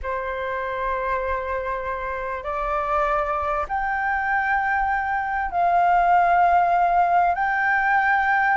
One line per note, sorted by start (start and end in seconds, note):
0.03 2.43 C5
2.43 3.66 D5
3.68 5.51 G5
5.51 7.34 F5
7.34 8.57 G5